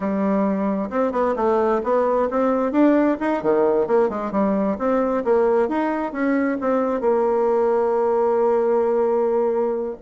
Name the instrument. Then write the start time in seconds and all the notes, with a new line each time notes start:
bassoon
0.00 G3
0.90 C4
1.12 B3
1.36 A3
1.83 B3
2.30 C4
2.71 D4
3.20 D#4
3.42 D#3
3.87 A#3
4.09 G#3
4.31 G3
4.78 C4
5.24 A#3
5.68 D#4
6.12 C#4
6.61 C4
7.00 A#3